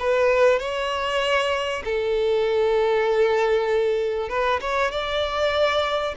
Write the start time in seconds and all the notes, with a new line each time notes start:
0.00 B4
0.60 C#5
1.85 A4
4.30 B4
4.61 C#5
4.92 D5